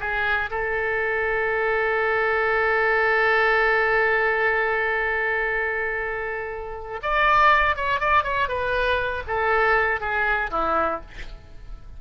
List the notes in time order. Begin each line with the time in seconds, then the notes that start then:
0.00 G#4
0.50 A4
7.02 D5
7.76 C#5
8.00 D5
8.23 C#5
8.48 B4
9.27 A4
10.00 G#4
10.51 E4